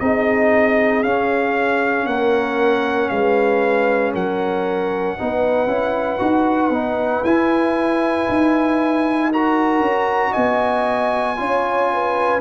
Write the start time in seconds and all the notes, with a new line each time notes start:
0.00 C4 D#4 G#4 D#5
1.03 C#4 F5
2.06 A#3 A#4 F#5
3.09 G#3 B4 F5
4.14 F#3 A#4 F#5
5.18 B3 D#4 B4
5.67 C#4 E4
6.19 D#4 F#4
6.70 B3 D#4
7.25 E4 G#5
8.29 D#4
9.31 F#4 A#4 A#5
9.81 C#4
10.31 B3 D#5 G#5
11.37 C#4 F4 C#5
11.93 B4